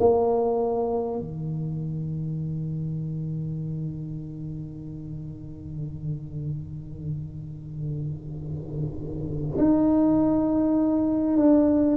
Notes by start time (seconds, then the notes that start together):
0.00 A#3
1.19 D#3
9.58 D#4
11.37 D4